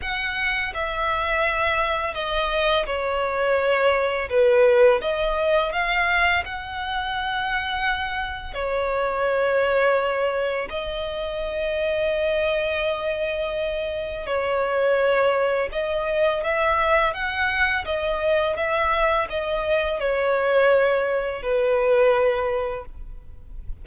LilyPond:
\new Staff \with { instrumentName = "violin" } { \time 4/4 \tempo 4 = 84 fis''4 e''2 dis''4 | cis''2 b'4 dis''4 | f''4 fis''2. | cis''2. dis''4~ |
dis''1 | cis''2 dis''4 e''4 | fis''4 dis''4 e''4 dis''4 | cis''2 b'2 | }